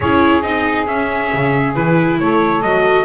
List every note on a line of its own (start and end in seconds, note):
0.00 0.42 C#4
0.00 0.42 E4
0.00 2.19 G#4
0.00 0.42 C#5
0.42 0.86 C4
0.42 0.86 D#4
0.42 0.86 D#5
0.86 1.74 C#4
0.86 1.31 C#4
0.86 1.74 E5
1.33 1.76 C#3
1.75 2.19 E3
1.75 2.63 E4
1.75 2.18 B4
2.19 2.61 A3
2.19 3.05 A4
2.19 2.62 C#5
2.61 3.05 F#3
2.61 3.05 F#4
2.61 3.05 D#5